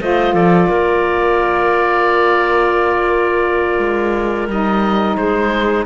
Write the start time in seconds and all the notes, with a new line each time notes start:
0.00 A3 F4 C5 D#5
0.33 F3 A4 D5
0.68 A#3 A#4
3.78 G#3
4.48 G3 D#4 D#5
5.16 G#3 G#4 C5